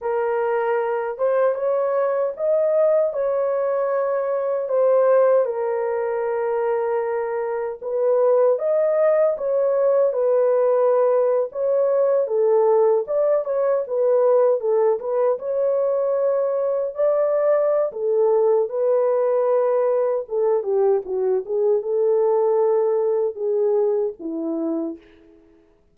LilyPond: \new Staff \with { instrumentName = "horn" } { \time 4/4 \tempo 4 = 77 ais'4. c''8 cis''4 dis''4 | cis''2 c''4 ais'4~ | ais'2 b'4 dis''4 | cis''4 b'4.~ b'16 cis''4 a'16~ |
a'8. d''8 cis''8 b'4 a'8 b'8 cis''16~ | cis''4.~ cis''16 d''4~ d''16 a'4 | b'2 a'8 g'8 fis'8 gis'8 | a'2 gis'4 e'4 | }